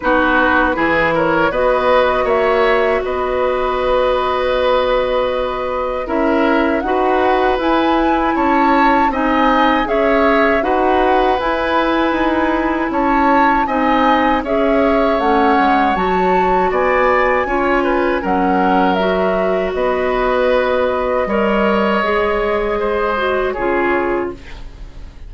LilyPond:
<<
  \new Staff \with { instrumentName = "flute" } { \time 4/4 \tempo 4 = 79 b'4. cis''8 dis''4 e''4 | dis''1 | e''4 fis''4 gis''4 a''4 | gis''4 e''4 fis''4 gis''4~ |
gis''4 a''4 gis''4 e''4 | fis''4 a''4 gis''2 | fis''4 e''4 dis''2~ | dis''2. cis''4 | }
  \new Staff \with { instrumentName = "oboe" } { \time 4/4 fis'4 gis'8 ais'8 b'4 cis''4 | b'1 | ais'4 b'2 cis''4 | dis''4 cis''4 b'2~ |
b'4 cis''4 dis''4 cis''4~ | cis''2 d''4 cis''8 b'8 | ais'2 b'2 | cis''2 c''4 gis'4 | }
  \new Staff \with { instrumentName = "clarinet" } { \time 4/4 dis'4 e'4 fis'2~ | fis'1 | e'4 fis'4 e'2 | dis'4 gis'4 fis'4 e'4~ |
e'2 dis'4 gis'4 | cis'4 fis'2 f'4 | cis'4 fis'2. | ais'4 gis'4. fis'8 f'4 | }
  \new Staff \with { instrumentName = "bassoon" } { \time 4/4 b4 e4 b4 ais4 | b1 | cis'4 dis'4 e'4 cis'4 | c'4 cis'4 dis'4 e'4 |
dis'4 cis'4 c'4 cis'4 | a8 gis8 fis4 b4 cis'4 | fis2 b2 | g4 gis2 cis4 | }
>>